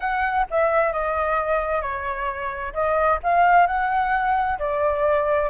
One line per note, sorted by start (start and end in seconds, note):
0.00 0.46 F#5
0.50 0.92 E5
0.92 1.81 D#5
1.81 2.73 C#5
2.73 3.19 D#5
3.23 3.66 F5
3.66 4.58 F#5
4.59 5.49 D5